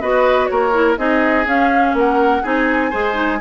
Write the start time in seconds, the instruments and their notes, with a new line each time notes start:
0.00 bassoon B3, clarinet F#4, oboe B4, flute D#5
0.46 bassoon A#3, oboe A#4, flute C#5
0.72 clarinet E4
0.97 bassoon C4, clarinet D#4, oboe G#4, flute D#5
1.45 bassoon C#4, clarinet C#4, flute F5
1.93 bassoon A#3, oboe A#4, flute F#5
2.42 bassoon C4, clarinet D#4, oboe G#4, flute G#5
2.90 bassoon G#3, clarinet G#4, oboe C5
3.13 clarinet D#4